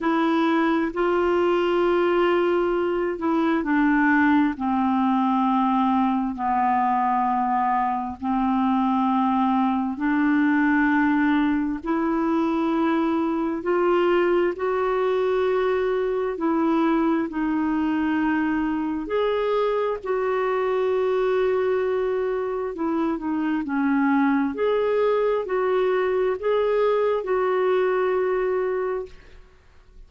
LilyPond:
\new Staff \with { instrumentName = "clarinet" } { \time 4/4 \tempo 4 = 66 e'4 f'2~ f'8 e'8 | d'4 c'2 b4~ | b4 c'2 d'4~ | d'4 e'2 f'4 |
fis'2 e'4 dis'4~ | dis'4 gis'4 fis'2~ | fis'4 e'8 dis'8 cis'4 gis'4 | fis'4 gis'4 fis'2 | }